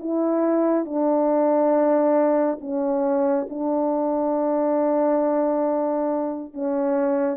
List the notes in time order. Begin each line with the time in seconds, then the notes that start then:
0.00 E4
0.85 D4
2.61 C#4
3.50 D4
6.54 C#4